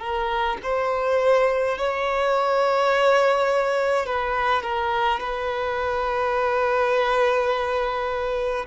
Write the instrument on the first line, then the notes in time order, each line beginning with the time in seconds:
violin
0.00 A#4
0.63 C5
1.78 C#5
4.06 B4
4.63 A#4
5.20 B4